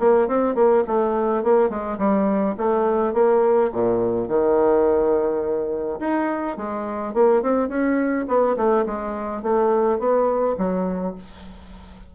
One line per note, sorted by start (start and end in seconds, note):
0.00 0.28 A#3
0.28 0.56 C4
0.56 0.84 A#3
0.87 1.44 A3
1.44 1.70 A#3
1.70 1.98 G#3
1.98 2.56 G3
2.58 3.14 A3
3.14 3.71 A#3
3.73 4.29 A#2
4.29 6.00 D#3
6.00 6.57 D#4
6.57 7.14 G#3
7.14 7.43 A#3
7.43 7.69 C4
7.69 8.26 C#4
8.28 8.57 B3
8.57 8.85 A3
8.86 9.43 G#3
9.43 9.99 A3
9.99 10.56 B3
10.58 11.15 F#3